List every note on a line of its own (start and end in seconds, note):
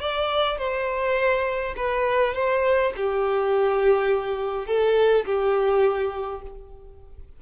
0.00 0.58 D5
0.58 1.74 C5
1.76 2.34 B4
2.34 2.93 C5
2.96 4.67 G4
4.67 5.25 A4
5.25 6.42 G4